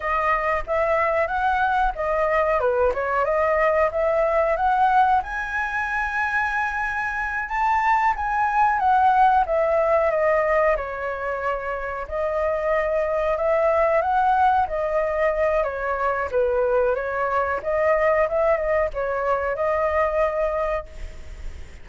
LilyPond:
\new Staff \with { instrumentName = "flute" } { \time 4/4 \tempo 4 = 92 dis''4 e''4 fis''4 dis''4 | b'8 cis''8 dis''4 e''4 fis''4 | gis''2.~ gis''8 a''8~ | a''8 gis''4 fis''4 e''4 dis''8~ |
dis''8 cis''2 dis''4.~ | dis''8 e''4 fis''4 dis''4. | cis''4 b'4 cis''4 dis''4 | e''8 dis''8 cis''4 dis''2 | }